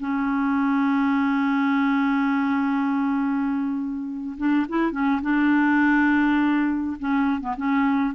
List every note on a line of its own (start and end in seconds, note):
0.00 4.37 C#4
4.38 4.67 D4
4.69 4.92 E4
4.92 5.21 C#4
5.22 6.97 D4
6.99 7.41 C#4
7.41 7.56 B3
7.57 8.15 C#4